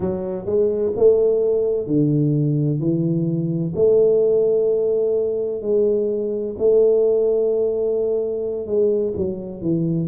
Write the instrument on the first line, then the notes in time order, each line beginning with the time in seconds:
tuba
0.00 F#3
0.45 G#3
0.96 A3
1.87 D3
2.79 E3
3.75 A3
5.61 G#3
6.58 A3
8.66 G#3
9.16 F#3
9.61 E3